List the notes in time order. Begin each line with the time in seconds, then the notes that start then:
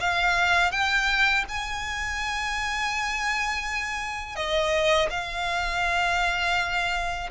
0.00 F5
0.71 G5
1.48 G#5
4.35 D#5
5.10 F5